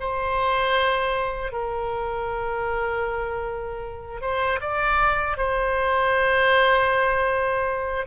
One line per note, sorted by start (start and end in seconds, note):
0.00 1.52 C5
1.52 4.21 A#4
4.21 4.60 C5
4.61 5.37 D5
5.37 8.06 C5